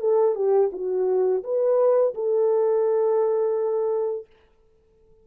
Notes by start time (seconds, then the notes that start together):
0.00 A4
0.35 G4
0.73 F#4
1.43 B4
2.14 A4